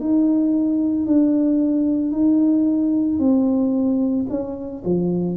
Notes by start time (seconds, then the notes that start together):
0.00 D#4
1.06 D4
2.12 D#4
3.19 C4
4.30 C#4
4.85 F3